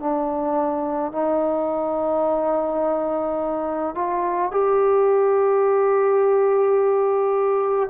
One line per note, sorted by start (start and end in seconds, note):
0.00 1.12 D4
1.12 3.95 D#4
3.95 4.51 F4
4.51 7.89 G4